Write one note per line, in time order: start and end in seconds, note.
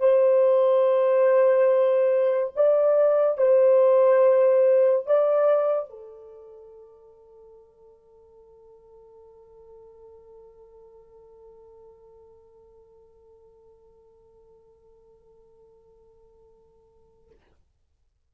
0.00 2.54 C5
2.56 3.38 D5
3.38 5.07 C5
5.07 5.90 D5
5.90 17.31 A4